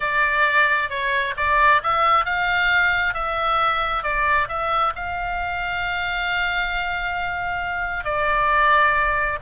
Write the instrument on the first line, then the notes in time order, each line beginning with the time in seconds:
oboe
0.00 D5
0.89 C#5
1.36 D5
1.83 E5
2.25 F5
3.13 E5
4.03 D5
4.48 E5
4.95 F5
8.04 D5